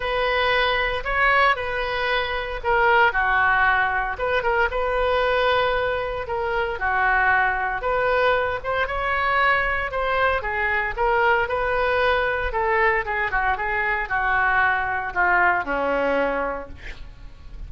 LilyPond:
\new Staff \with { instrumentName = "oboe" } { \time 4/4 \tempo 4 = 115 b'2 cis''4 b'4~ | b'4 ais'4 fis'2 | b'8 ais'8 b'2. | ais'4 fis'2 b'4~ |
b'8 c''8 cis''2 c''4 | gis'4 ais'4 b'2 | a'4 gis'8 fis'8 gis'4 fis'4~ | fis'4 f'4 cis'2 | }